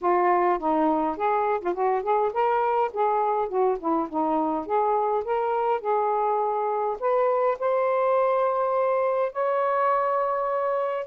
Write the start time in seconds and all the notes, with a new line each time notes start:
0.01 F4
0.58 D#4
1.17 G#4
1.60 F4
1.74 F#4
2.02 G#4
2.33 A#4
2.93 G#4
3.48 F#4
3.79 E4
4.08 D#4
4.65 G#4
5.24 A#4
5.80 G#4
6.99 B4
7.59 C5
9.32 C#5